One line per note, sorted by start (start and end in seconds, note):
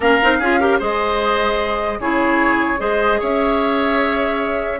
0.00 0.19 A#3
0.00 0.21 C#4
0.00 0.38 A#4
0.00 0.81 F5
0.21 0.39 C4
0.21 0.41 D#4
0.39 0.79 C#4
0.39 0.60 F4
0.39 0.59 G#4
0.60 0.80 G4
0.60 0.79 A#4
0.79 1.99 G#3
0.79 2.00 G#4
0.79 1.99 C5
0.79 2.00 D#5
1.99 2.79 C#3
1.99 2.77 E4
1.99 2.80 G#4
1.99 2.80 C#5
2.77 3.20 G#3
2.77 4.77 G#4
2.77 3.19 C5
2.77 3.20 D#5
3.19 4.79 C#4
3.19 4.79 C#5
3.19 4.79 E5